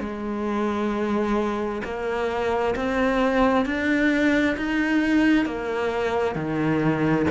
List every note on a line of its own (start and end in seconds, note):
0.00 1.82 G#3
1.84 2.75 A#3
2.76 3.65 C4
3.65 4.56 D4
4.57 5.45 D#4
5.45 6.35 A#3
6.35 7.26 D#3